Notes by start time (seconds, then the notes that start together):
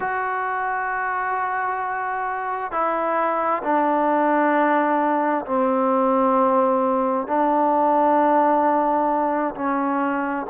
0.00 F#4
2.71 E4
3.63 D4
5.45 C4
7.27 D4
9.55 C#4